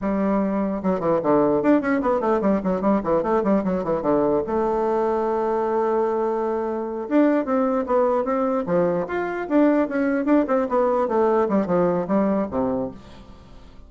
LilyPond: \new Staff \with { instrumentName = "bassoon" } { \time 4/4 \tempo 4 = 149 g2 fis8 e8 d4 | d'8 cis'8 b8 a8 g8 fis8 g8 e8 | a8 g8 fis8 e8 d4 a4~ | a1~ |
a4. d'4 c'4 b8~ | b8 c'4 f4 f'4 d'8~ | d'8 cis'4 d'8 c'8 b4 a8~ | a8 g8 f4 g4 c4 | }